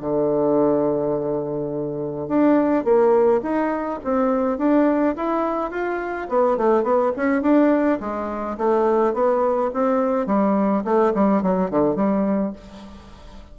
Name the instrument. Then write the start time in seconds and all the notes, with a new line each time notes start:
bassoon
0.00 D3
2.28 D4
2.84 A#3
3.42 D#4
4.04 C4
4.58 D4
5.16 E4
5.70 F4
6.28 B3
6.57 A3
6.83 B3
7.16 C#4
7.42 D4
8.00 G#3
8.57 A3
9.13 B3
9.73 C4
10.26 G3
10.84 A3
11.14 G3
11.42 F#3
11.70 D3
11.95 G3